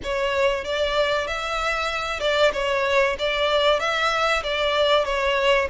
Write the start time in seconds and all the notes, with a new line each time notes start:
0.03 C#5
0.64 D5
1.27 E5
2.20 D5
2.53 C#5
3.18 D5
3.79 E5
4.43 D5
5.04 C#5